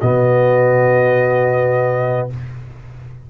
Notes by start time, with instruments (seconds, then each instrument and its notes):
0.00 tuba B2, trombone B3, horn F#4, trumpet D#5